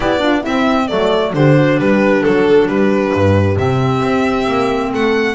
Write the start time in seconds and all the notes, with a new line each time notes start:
0.00 B3 E4 G4 D5
0.19 D4 F4
0.41 C4 E4 E5
0.87 F#3 A3 A4 D5
1.33 D3 D4 G4 C5
1.57 F#4
1.79 G3 G4 B4
2.23 F#3 A4
2.67 G3 G4 B4
3.13 G2
3.56 C3 C4 E5
4.01 C4
4.47 A#3
4.92 A3 A4 F#5